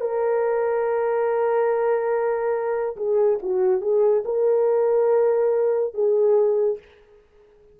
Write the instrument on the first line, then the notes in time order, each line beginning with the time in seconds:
horn
0.00 A#4
2.96 G#4
3.42 F#4
3.81 G#4
4.25 A#4
5.94 G#4